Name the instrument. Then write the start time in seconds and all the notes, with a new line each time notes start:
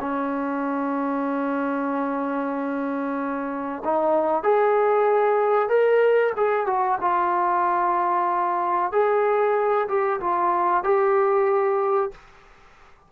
trombone
0.00 C#4
3.84 D#4
4.43 G#4
5.69 A#4
6.37 G#4
6.66 F#4
7.01 F4
8.92 G#4
9.88 G4
10.20 F4
10.84 G4